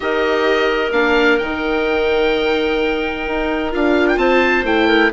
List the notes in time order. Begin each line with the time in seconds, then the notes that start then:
0.00 D#4 G4 A#4 D#5
0.91 A#3 D4 F5
1.38 D#3 D#4 G5
3.27 D#4
3.71 D4 F4 F5
4.07 G5
4.17 C4 C5 A5
4.63 A3 E4 G5
4.87 A#4